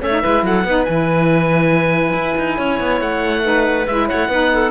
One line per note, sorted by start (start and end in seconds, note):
0.00 0.23 A3
0.00 0.11 C#4
0.00 0.22 C#5
0.00 0.46 E5
0.12 0.22 D#4
0.22 0.43 G#3
0.22 0.65 E4
0.22 0.44 B4
0.43 0.64 F#3
0.43 0.66 A4
0.43 0.85 F#5
0.64 0.86 B3
0.64 0.89 D#4
0.64 2.57 B4
0.85 2.13 E3
0.85 3.44 E4
0.85 2.99 G#5
2.13 2.35 E4
2.38 2.59 D#4
2.57 2.80 C#4
2.57 3.43 C#5
2.80 3.01 B3
3.01 3.87 A3
3.01 3.87 F#5
3.44 3.86 D#4
3.44 4.08 B4
3.87 4.09 G#3
3.87 4.31 E4
3.87 4.09 E5
4.08 4.28 A3
4.08 4.30 C#5
4.08 4.72 F#5
4.28 4.71 B3
4.28 4.72 D#4
4.28 4.52 B4
4.53 4.72 A4